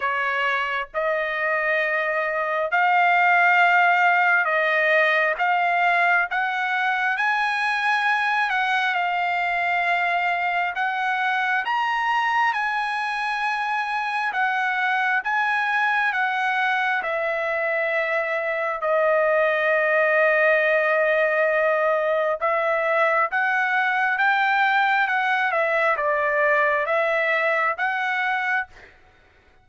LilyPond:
\new Staff \with { instrumentName = "trumpet" } { \time 4/4 \tempo 4 = 67 cis''4 dis''2 f''4~ | f''4 dis''4 f''4 fis''4 | gis''4. fis''8 f''2 | fis''4 ais''4 gis''2 |
fis''4 gis''4 fis''4 e''4~ | e''4 dis''2.~ | dis''4 e''4 fis''4 g''4 | fis''8 e''8 d''4 e''4 fis''4 | }